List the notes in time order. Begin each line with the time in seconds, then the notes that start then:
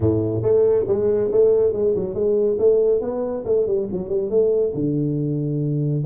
0.00 A2
0.42 A3
0.87 G#3
1.31 A3
1.72 G#3
1.95 F#3
2.14 G#3
2.59 A3
3.00 B3
3.45 A3
3.67 G3
3.92 F#3
4.08 G3
4.29 A3
4.74 D3